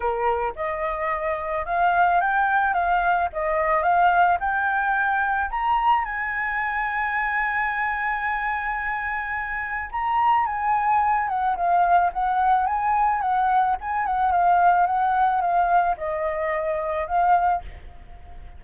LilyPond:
\new Staff \with { instrumentName = "flute" } { \time 4/4 \tempo 4 = 109 ais'4 dis''2 f''4 | g''4 f''4 dis''4 f''4 | g''2 ais''4 gis''4~ | gis''1~ |
gis''2 ais''4 gis''4~ | gis''8 fis''8 f''4 fis''4 gis''4 | fis''4 gis''8 fis''8 f''4 fis''4 | f''4 dis''2 f''4 | }